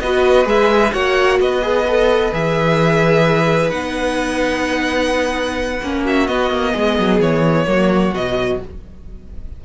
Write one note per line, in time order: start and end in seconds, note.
0.00 0.46 B3
0.00 0.45 F#4
0.00 0.93 B4
0.00 0.47 D#5
0.45 0.92 G#3
0.45 0.92 G#4
0.45 0.93 E5
0.93 1.40 A#3
0.93 1.62 F#4
0.93 1.40 C#5
0.93 1.39 F#5
1.40 2.33 B3
1.40 6.03 B4
1.40 2.34 D#5
1.62 1.86 G#4
1.88 2.33 A4
2.33 3.72 E3
2.33 3.71 G#4
2.33 3.70 E5
3.70 5.81 B3
3.70 5.80 D#4
3.70 6.03 F#5
5.83 6.29 A#3
5.83 6.29 C#4
6.03 6.72 F#4
6.03 6.27 E5
6.27 7.66 B3
6.27 6.51 B3
6.27 7.20 D#5
6.51 6.74 A#3
6.72 6.99 G#3
6.72 7.65 G#4
6.99 7.20 F#3
7.20 7.66 E3
7.20 8.14 C#5
7.66 8.13 F#3
7.66 8.13 A#3
7.66 8.65 F#4
8.13 8.59 B2
8.13 8.64 F#3
8.13 8.61 D#5